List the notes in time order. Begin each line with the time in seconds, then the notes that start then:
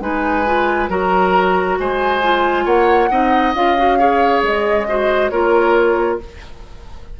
0.00 G#3 D#4 B4 G#5
0.46 F4
0.88 F#3 F#4 A#4 A#5
1.79 G#3 C5 G#5
2.22 F4
2.64 A#3 C#5 F#5
3.09 C4 D#4 D#5
3.54 C#4 F4 F5
3.77 F#4
3.98 G#4 C#5
4.42 G#3 D#5
4.87 F#4 C5
5.29 A#3 F4 A#4 C#5